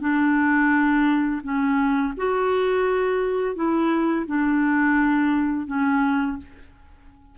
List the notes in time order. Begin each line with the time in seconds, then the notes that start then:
0.00 D4
1.42 C#4
2.17 F#4
3.55 E4
4.26 D4
5.66 C#4